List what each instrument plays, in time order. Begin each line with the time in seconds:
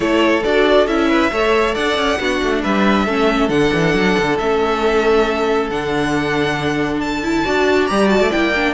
0.00 cello A3, viola E4, violin A4 C#5
0.44 cello D4, viola F#4, violin D5
0.86 cello C#4, viola E4, violin E5
1.08 violin B4
1.31 cello A3, viola A4, violin C#5
1.74 cello D4, violin D5 F#5
1.96 cello C#4
2.19 cello B3, viola D4, violin F#4
2.42 cello A3
2.62 cello G3, violin B4 E5
3.05 cello A3, viola C#4, violin A4
3.49 cello D3, viola D4, violin F#5
3.73 cello E3
3.94 cello F#3
4.18 cello D3
4.38 cello A3, viola C#4, violin E5
5.69 cello D3, viola D4, violin F#5
7.00 violin A5
7.22 viola E4
7.44 cello D4, viola F#4, violin D5
7.86 cello G3, viola G4, violin A#5
8.07 viola F#4, violin A5
8.20 cello A3
8.31 cello A#3, viola E4, violin G5
8.55 viola D4